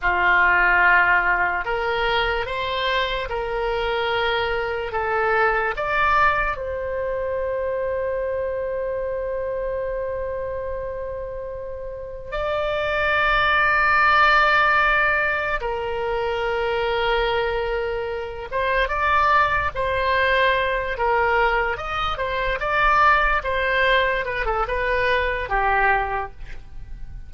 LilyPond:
\new Staff \with { instrumentName = "oboe" } { \time 4/4 \tempo 4 = 73 f'2 ais'4 c''4 | ais'2 a'4 d''4 | c''1~ | c''2. d''4~ |
d''2. ais'4~ | ais'2~ ais'8 c''8 d''4 | c''4. ais'4 dis''8 c''8 d''8~ | d''8 c''4 b'16 a'16 b'4 g'4 | }